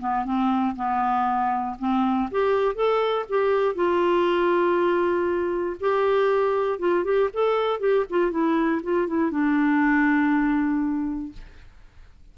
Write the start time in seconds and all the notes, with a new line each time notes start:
0.00 B3
0.25 C4
0.76 B3
1.79 C4
2.31 G4
2.75 A4
3.29 G4
3.75 F4
5.81 G4
6.80 F4
7.05 G4
7.34 A4
7.80 G4
8.10 F4
8.31 E4
8.83 F4
9.08 E4
9.31 D4